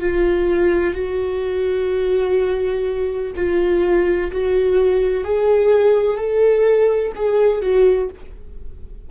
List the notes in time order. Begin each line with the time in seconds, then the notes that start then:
0.00 F4
0.94 F#4
3.35 F4
4.31 F#4
5.24 G#4
6.18 A4
7.16 G#4
7.61 F#4